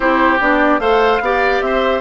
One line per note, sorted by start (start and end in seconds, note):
0.00 0.39 C4
0.00 0.38 E4
0.00 0.80 G4
0.00 0.40 C5
0.39 0.79 B3
0.39 0.79 D4
0.39 0.79 D5
0.79 1.19 A3
0.79 1.20 A4
0.79 1.21 C5
0.79 1.60 F5
1.20 1.60 B3
1.20 2.00 G4
1.20 1.64 D5
1.60 2.00 C4
1.60 2.00 C5
1.60 2.00 E5